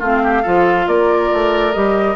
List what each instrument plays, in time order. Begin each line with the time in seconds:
0.00 bassoon A3, clarinet C4, oboe F4, flute F5
0.24 oboe G4
0.43 bassoon F3, clarinet F4, oboe A4
0.88 bassoon A#3, oboe A#4, flute D5
1.33 bassoon A3
1.73 bassoon G3, clarinet G4, flute D#5